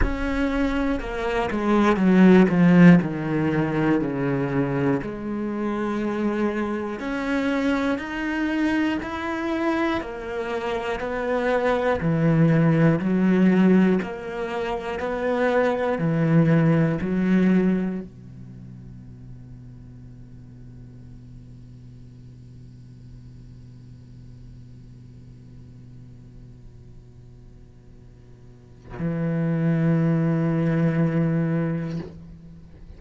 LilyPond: \new Staff \with { instrumentName = "cello" } { \time 4/4 \tempo 4 = 60 cis'4 ais8 gis8 fis8 f8 dis4 | cis4 gis2 cis'4 | dis'4 e'4 ais4 b4 | e4 fis4 ais4 b4 |
e4 fis4 b,2~ | b,1~ | b,1~ | b,4 e2. | }